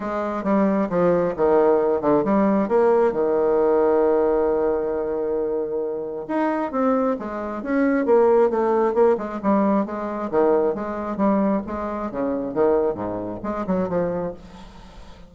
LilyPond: \new Staff \with { instrumentName = "bassoon" } { \time 4/4 \tempo 4 = 134 gis4 g4 f4 dis4~ | dis8 d8 g4 ais4 dis4~ | dis1~ | dis2 dis'4 c'4 |
gis4 cis'4 ais4 a4 | ais8 gis8 g4 gis4 dis4 | gis4 g4 gis4 cis4 | dis4 gis,4 gis8 fis8 f4 | }